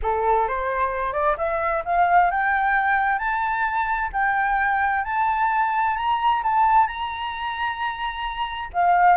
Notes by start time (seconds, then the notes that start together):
0.02 A4
0.47 C5
1.12 D5
1.37 E5
1.84 F5
2.30 G5
3.18 A5
4.13 G5
5.04 A5
5.96 A#5
6.43 A5
6.87 A#5
8.73 F5